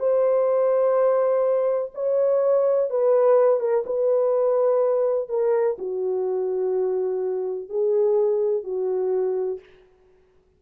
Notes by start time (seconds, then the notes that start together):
0.00 C5
1.95 C#5
2.90 B4
3.60 A#4
3.86 B4
5.29 A#4
5.79 F#4
7.70 G#4
8.64 F#4